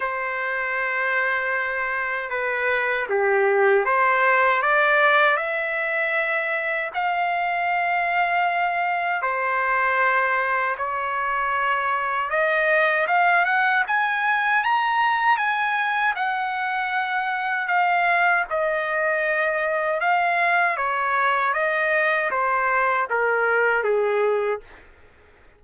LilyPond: \new Staff \with { instrumentName = "trumpet" } { \time 4/4 \tempo 4 = 78 c''2. b'4 | g'4 c''4 d''4 e''4~ | e''4 f''2. | c''2 cis''2 |
dis''4 f''8 fis''8 gis''4 ais''4 | gis''4 fis''2 f''4 | dis''2 f''4 cis''4 | dis''4 c''4 ais'4 gis'4 | }